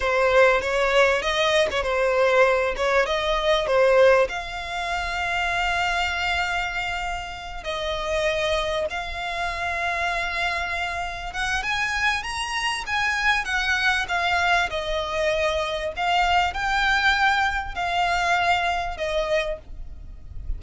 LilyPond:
\new Staff \with { instrumentName = "violin" } { \time 4/4 \tempo 4 = 98 c''4 cis''4 dis''8. cis''16 c''4~ | c''8 cis''8 dis''4 c''4 f''4~ | f''1~ | f''8 dis''2 f''4.~ |
f''2~ f''8 fis''8 gis''4 | ais''4 gis''4 fis''4 f''4 | dis''2 f''4 g''4~ | g''4 f''2 dis''4 | }